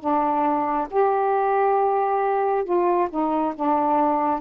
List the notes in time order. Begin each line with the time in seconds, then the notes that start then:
0.00 D4
0.91 G4
2.65 F4
3.10 D#4
3.55 D4